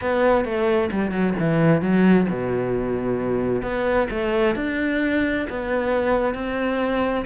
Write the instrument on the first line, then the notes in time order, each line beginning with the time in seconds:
cello
0.01 B3
0.44 A3
0.91 G3
1.11 F#3
1.39 E3
1.81 F#3
2.29 B2
3.62 B3
4.10 A3
4.55 D4
5.49 B3
6.34 C4